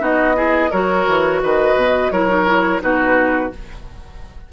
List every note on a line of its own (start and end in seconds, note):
0.00 0.70 B3
0.00 0.35 D#4
0.00 0.36 F#4
0.00 0.71 D#5
0.35 0.70 E4
0.35 0.70 G#4
0.70 1.07 F#3
0.70 2.12 F#4
0.70 1.40 A#4
0.70 1.41 C#5
1.08 1.43 E3
1.43 1.75 D#3
1.43 2.12 B4
1.43 2.11 D#5
1.75 2.10 B2
2.11 2.81 F#3
2.11 2.28 E4
2.11 2.82 A#4
2.11 2.81 C#5
2.28 2.46 D#4
2.46 2.80 E4
2.80 3.51 B2
2.80 3.50 D#4
2.80 3.52 F#4
2.80 3.52 B4